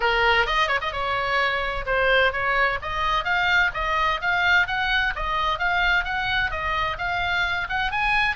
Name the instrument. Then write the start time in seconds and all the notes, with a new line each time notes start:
oboe
0.00 A#4
0.46 D#5
0.68 C#5
0.81 D#5
0.92 C#5
1.86 C5
2.32 C#5
2.82 D#5
3.24 F5
3.74 D#5
4.21 F5
4.67 F#5
5.15 D#5
5.58 F5
6.04 F#5
6.50 D#5
6.98 F5
7.68 F#5
7.91 G#5